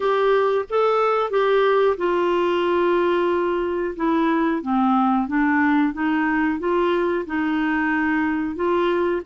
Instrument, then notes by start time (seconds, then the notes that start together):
clarinet
0.00 G4
0.69 A4
1.30 G4
1.97 F4
3.96 E4
4.62 C4
5.27 D4
5.93 D#4
6.59 F4
7.26 D#4
8.55 F4